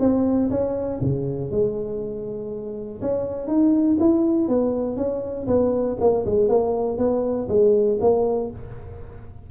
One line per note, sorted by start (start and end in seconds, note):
0.00 0.50 C4
0.51 1.01 C#4
1.02 1.51 C#3
1.51 3.01 G#3
3.02 3.47 C#4
3.47 3.97 D#4
4.00 4.49 E4
4.49 4.97 B3
4.97 5.47 C#4
5.47 5.97 B3
6.00 6.25 A#3
6.26 6.49 G#3
6.49 6.98 A#3
6.98 7.48 B3
7.49 7.99 G#3
8.01 8.51 A#3